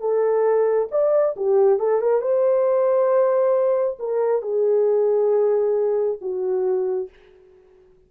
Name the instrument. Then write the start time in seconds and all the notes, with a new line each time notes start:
horn
0.00 A4
0.91 D5
1.36 G4
1.79 A4
2.01 A#4
2.21 C5
3.99 A#4
4.42 G#4
6.21 F#4